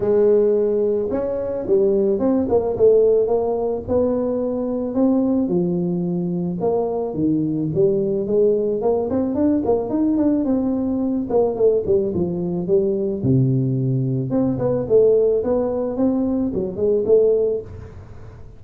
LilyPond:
\new Staff \with { instrumentName = "tuba" } { \time 4/4 \tempo 4 = 109 gis2 cis'4 g4 | c'8 ais8 a4 ais4 b4~ | b4 c'4 f2 | ais4 dis4 g4 gis4 |
ais8 c'8 d'8 ais8 dis'8 d'8 c'4~ | c'8 ais8 a8 g8 f4 g4 | c2 c'8 b8 a4 | b4 c'4 fis8 gis8 a4 | }